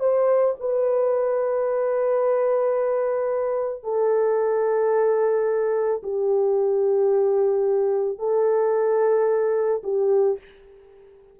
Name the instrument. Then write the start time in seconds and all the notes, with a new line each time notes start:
horn
0.00 C5
0.60 B4
3.84 A4
6.03 G4
8.19 A4
9.84 G4